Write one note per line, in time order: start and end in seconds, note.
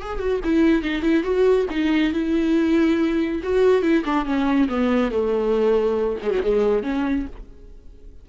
0.00 0.19 G#4
0.19 0.40 F#4
0.44 0.83 E4
0.83 1.02 D#4
1.02 1.23 E4
1.23 1.66 F#4
1.70 2.13 D#4
2.13 3.41 E4
3.43 3.82 F#4
3.82 4.03 E4
4.05 4.25 D4
4.25 4.68 C#4
4.69 5.11 B3
5.11 6.19 A3
6.22 6.31 G#3
6.31 6.41 F#3
6.42 6.83 G#3
6.83 7.26 C#4